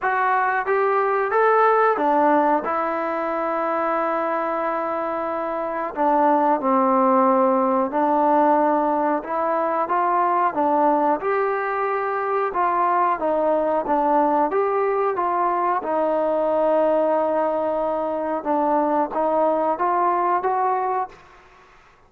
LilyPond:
\new Staff \with { instrumentName = "trombone" } { \time 4/4 \tempo 4 = 91 fis'4 g'4 a'4 d'4 | e'1~ | e'4 d'4 c'2 | d'2 e'4 f'4 |
d'4 g'2 f'4 | dis'4 d'4 g'4 f'4 | dis'1 | d'4 dis'4 f'4 fis'4 | }